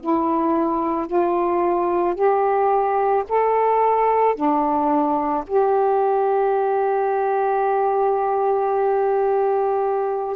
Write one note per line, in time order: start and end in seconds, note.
0.00 1.07 E4
1.07 2.15 F4
2.15 3.24 G4
3.29 4.35 A4
4.35 5.44 D4
5.46 10.36 G4